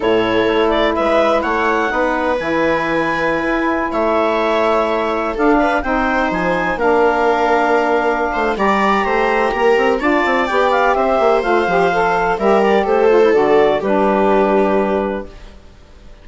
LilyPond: <<
  \new Staff \with { instrumentName = "clarinet" } { \time 4/4 \tempo 4 = 126 cis''4. d''8 e''4 fis''4~ | fis''4 gis''2.~ | gis''16 e''2. f''8.~ | f''16 g''4 gis''4 f''4.~ f''16~ |
f''2 ais''2~ | ais''4 a''4 g''8 f''8 e''4 | f''2 e''8 d''8 c''4 | d''4 b'2. | }
  \new Staff \with { instrumentName = "viola" } { \time 4/4 a'2 b'4 cis''4 | b'1~ | b'16 cis''2. a'8 b'16~ | b'16 c''2 ais'4.~ ais'16~ |
ais'4. c''8 d''4 c''4 | ais'4 d''2 c''4~ | c''2 ais'4 a'4~ | a'4 g'2. | }
  \new Staff \with { instrumentName = "saxophone" } { \time 4/4 e'1 | dis'4 e'2.~ | e'2.~ e'16 d'8.~ | d'16 dis'2 d'4.~ d'16~ |
d'2 g'2~ | g'4 f'4 g'2 | f'8 g'8 a'4 g'4. f'16 e'16 | fis'4 d'2. | }
  \new Staff \with { instrumentName = "bassoon" } { \time 4/4 a,4 a4 gis4 a4 | b4 e2~ e16 e'8.~ | e'16 a2. d'8.~ | d'16 c'4 f4 ais4.~ ais16~ |
ais4. a8 g4 a4 | ais8 c'8 d'8 c'8 b4 c'8 ais8 | a8 f4. g4 a4 | d4 g2. | }
>>